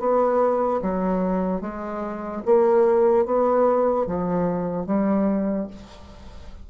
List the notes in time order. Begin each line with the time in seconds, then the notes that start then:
0.00 B3
0.82 F#3
1.61 G#3
2.46 A#3
3.26 B3
4.07 F3
4.86 G3